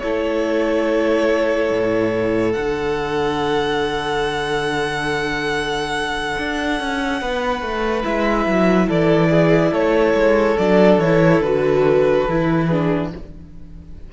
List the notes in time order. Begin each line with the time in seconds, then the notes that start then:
0.00 A3 E4 A4 C#5
1.71 A2
2.53 D3 D4 F#5
6.39 D4
6.81 C#4
7.22 B3 B4
7.62 A3
8.03 G#3 E4 E5
8.47 F#3
8.88 E3 A4 D5
9.30 G#4
9.72 A3 A4 C#5
10.15 G#3
10.58 F#3 D4 D5
10.99 E3 E4 C#5
11.41 D3 F#4 B4
12.29 E3 E4
12.67 D4 G#4